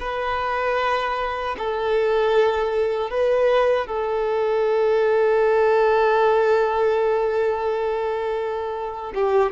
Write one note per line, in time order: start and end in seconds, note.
0.00 1.56 B4
1.58 3.10 A4
3.10 3.87 B4
3.87 9.13 A4
9.14 9.52 G4